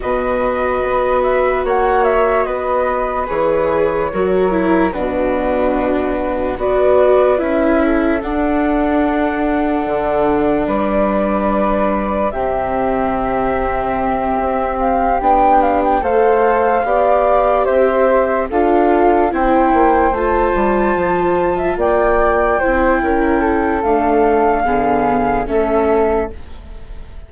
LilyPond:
<<
  \new Staff \with { instrumentName = "flute" } { \time 4/4 \tempo 4 = 73 dis''4. e''8 fis''8 e''8 dis''4 | cis''2 b'2 | d''4 e''4 fis''2~ | fis''4 d''2 e''4~ |
e''2 f''8 g''8 f''16 g''16 f''8~ | f''4. e''4 f''4 g''8~ | g''8 a''2 g''4.~ | g''4 f''2 e''4 | }
  \new Staff \with { instrumentName = "flute" } { \time 4/4 b'2 cis''4 b'4~ | b'4 ais'4 fis'2 | b'4. a'2~ a'8~ | a'4 b'2 g'4~ |
g'2.~ g'8 c''8~ | c''8 d''4 c''4 a'4 c''8~ | c''2~ c''16 e''16 d''4 c''8 | ais'8 a'4. gis'4 a'4 | }
  \new Staff \with { instrumentName = "viola" } { \time 4/4 fis'1 | gis'4 fis'8 e'8 d'2 | fis'4 e'4 d'2~ | d'2. c'4~ |
c'2~ c'8 d'4 a'8~ | a'8 g'2 f'4 e'8~ | e'8 f'2. e'8~ | e'4 a4 b4 cis'4 | }
  \new Staff \with { instrumentName = "bassoon" } { \time 4/4 b,4 b4 ais4 b4 | e4 fis4 b,2 | b4 cis'4 d'2 | d4 g2 c4~ |
c4. c'4 b4 a8~ | a8 b4 c'4 d'4 c'8 | ais8 a8 g8 f4 ais4 c'8 | cis'4 d'4 d4 a4 | }
>>